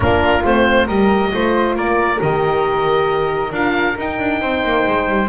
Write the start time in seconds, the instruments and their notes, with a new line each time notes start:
0.00 double bass A#3, horn D4, flute F4, oboe A#4
0.45 double bass A3, horn C4, oboe C5
0.86 double bass G3, horn G4, flute A#4, oboe D#5
1.32 double bass A3, horn F4, flute C5
1.75 double bass A#3, flute A#4, oboe D5
2.17 double bass D#3, horn G4, oboe D#5
3.51 double bass D4, horn F4, oboe F5
3.98 double bass D#4, horn D#4, oboe G5
4.19 double bass D4
4.40 double bass C4, flute C5
4.63 double bass A#3
4.86 double bass G#3
5.08 double bass G3